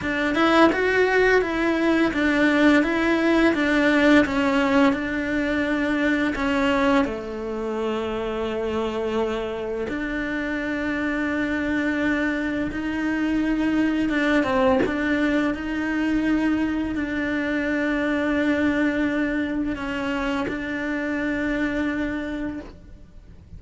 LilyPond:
\new Staff \with { instrumentName = "cello" } { \time 4/4 \tempo 4 = 85 d'8 e'8 fis'4 e'4 d'4 | e'4 d'4 cis'4 d'4~ | d'4 cis'4 a2~ | a2 d'2~ |
d'2 dis'2 | d'8 c'8 d'4 dis'2 | d'1 | cis'4 d'2. | }